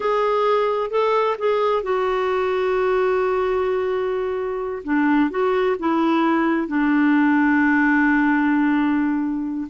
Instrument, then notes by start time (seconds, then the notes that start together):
clarinet
0.00 G#4
0.90 A4
1.38 G#4
1.82 F#4
4.84 D4
5.30 F#4
5.79 E4
6.67 D4